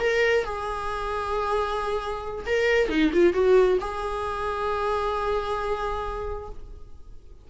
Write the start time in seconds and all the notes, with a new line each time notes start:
0.00 A#4
0.44 G#4
2.46 A#4
2.89 D#4
3.13 F4
3.33 F#4
3.80 G#4